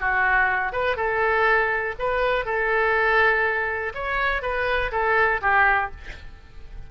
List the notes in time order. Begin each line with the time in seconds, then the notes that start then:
0.00 F#4
0.73 B4
0.97 A4
1.99 B4
2.45 A4
3.95 C#5
4.42 B4
4.92 A4
5.42 G4